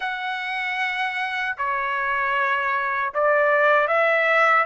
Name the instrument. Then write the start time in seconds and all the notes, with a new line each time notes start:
trumpet
0.00 F#5
1.57 C#5
3.13 D5
3.87 E5